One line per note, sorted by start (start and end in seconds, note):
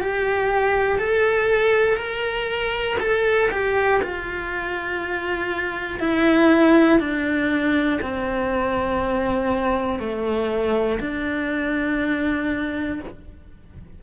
0.00 0.98 G4
0.98 1.96 A4
1.96 2.96 A#4
3.00 3.50 A4
3.50 4.00 G4
4.02 6.00 F4
6.00 7.00 E4
7.00 8.00 D4
8.01 9.99 C4
9.99 10.99 A3
11.00 13.00 D4